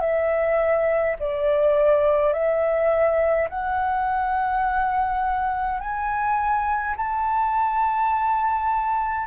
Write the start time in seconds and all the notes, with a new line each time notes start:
0.00 E5
1.19 D5
2.33 E5
3.49 F#5
5.80 G#5
6.97 A5